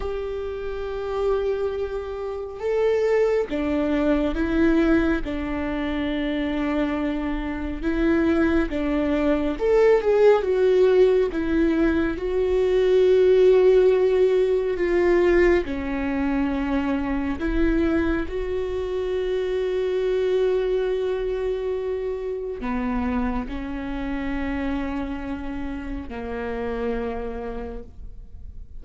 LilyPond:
\new Staff \with { instrumentName = "viola" } { \time 4/4 \tempo 4 = 69 g'2. a'4 | d'4 e'4 d'2~ | d'4 e'4 d'4 a'8 gis'8 | fis'4 e'4 fis'2~ |
fis'4 f'4 cis'2 | e'4 fis'2.~ | fis'2 b4 cis'4~ | cis'2 ais2 | }